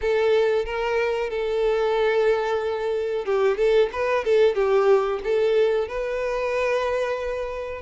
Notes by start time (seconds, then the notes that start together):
0.01 A4
0.65 A#4
1.30 A4
3.25 G4
3.57 A4
3.92 B4
4.24 A4
4.54 G4
5.24 A4
5.88 B4